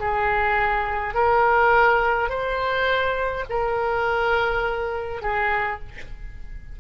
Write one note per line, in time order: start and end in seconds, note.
0.00 1.14 G#4
1.14 2.30 A#4
2.30 3.45 C5
3.50 5.22 A#4
5.22 5.80 G#4